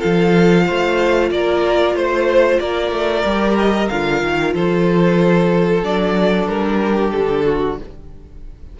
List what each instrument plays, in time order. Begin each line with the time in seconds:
0.00 cello F3, viola F4, violin A4 F5
0.66 cello A3, violin C5
1.31 cello A#3, violin A#4 D5
1.95 cello A3, violin C5
2.60 cello A#3, violin A#4 D5
2.91 cello A3
3.24 cello G3, viola G4
3.59 violin D#5
3.89 cello D3, viola F4, violin F5
4.23 cello D#3
4.54 cello F3, violin A4 C5
5.83 cello F#3, viola D4, violin D5
6.48 cello G3, violin A#4
6.83 violin G4
7.11 cello D3, violin A4
7.46 violin F#4